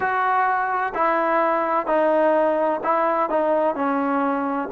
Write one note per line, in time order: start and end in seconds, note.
0.00 0.93 F#4
0.94 1.86 E4
1.86 2.80 D#4
2.83 3.29 E4
3.29 3.75 D#4
3.75 4.69 C#4